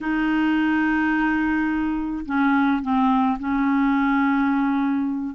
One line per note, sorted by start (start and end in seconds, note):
0.00 2.25 D#4
2.25 2.81 C#4
2.82 3.38 C4
3.39 5.35 C#4